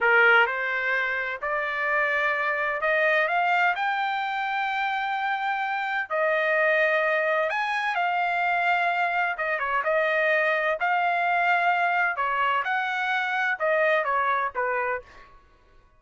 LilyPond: \new Staff \with { instrumentName = "trumpet" } { \time 4/4 \tempo 4 = 128 ais'4 c''2 d''4~ | d''2 dis''4 f''4 | g''1~ | g''4 dis''2. |
gis''4 f''2. | dis''8 cis''8 dis''2 f''4~ | f''2 cis''4 fis''4~ | fis''4 dis''4 cis''4 b'4 | }